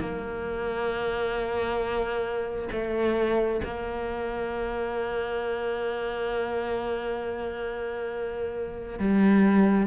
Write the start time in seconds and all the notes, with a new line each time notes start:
0.00 A#3
2.72 A3
3.64 A#3
8.99 G3